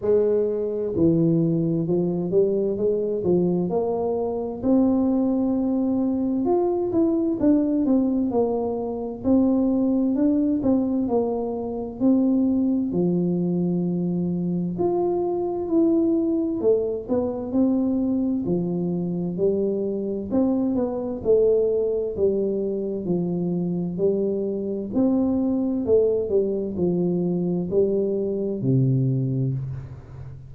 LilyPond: \new Staff \with { instrumentName = "tuba" } { \time 4/4 \tempo 4 = 65 gis4 e4 f8 g8 gis8 f8 | ais4 c'2 f'8 e'8 | d'8 c'8 ais4 c'4 d'8 c'8 | ais4 c'4 f2 |
f'4 e'4 a8 b8 c'4 | f4 g4 c'8 b8 a4 | g4 f4 g4 c'4 | a8 g8 f4 g4 c4 | }